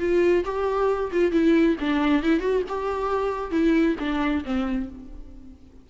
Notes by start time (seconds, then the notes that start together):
0.00 F4
0.45 G4
1.12 F4
1.32 E4
1.80 D4
2.23 E4
2.40 F#4
2.69 G4
3.52 E4
4.00 D4
4.45 C4